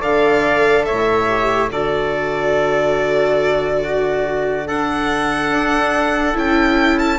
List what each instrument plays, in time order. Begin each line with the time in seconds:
0.00 bassoon D3, viola A4, trumpet D5, violin F5
0.85 bassoon A2, trumpet C#5, violin E5
1.28 viola G4
1.71 bassoon D3, viola F#4, trumpet A4, violin D5
3.83 trumpet F#4
4.67 viola D4, trumpet A4, violin F#5
5.51 bassoon D4
6.33 bassoon C#4, viola E4, violin G5
6.99 violin A5